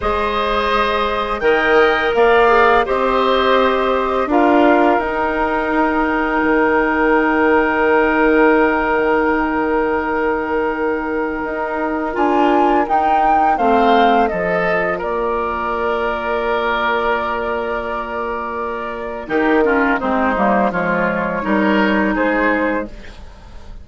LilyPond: <<
  \new Staff \with { instrumentName = "flute" } { \time 4/4 \tempo 4 = 84 dis''2 g''4 f''4 | dis''2 f''4 g''4~ | g''1~ | g''1~ |
g''4 gis''4 g''4 f''4 | dis''4 d''2.~ | d''2. ais'4 | c''4 cis''2 c''4 | }
  \new Staff \with { instrumentName = "oboe" } { \time 4/4 c''2 dis''4 d''4 | c''2 ais'2~ | ais'1~ | ais'1~ |
ais'2. c''4 | a'4 ais'2.~ | ais'2. g'8 f'8 | dis'4 f'4 ais'4 gis'4 | }
  \new Staff \with { instrumentName = "clarinet" } { \time 4/4 gis'2 ais'4. gis'8 | g'2 f'4 dis'4~ | dis'1~ | dis'1~ |
dis'4 f'4 dis'4 c'4 | f'1~ | f'2. dis'8 cis'8 | c'8 ais8 gis4 dis'2 | }
  \new Staff \with { instrumentName = "bassoon" } { \time 4/4 gis2 dis4 ais4 | c'2 d'4 dis'4~ | dis'4 dis2.~ | dis1 |
dis'4 d'4 dis'4 a4 | f4 ais2.~ | ais2. dis4 | gis8 g8 f4 g4 gis4 | }
>>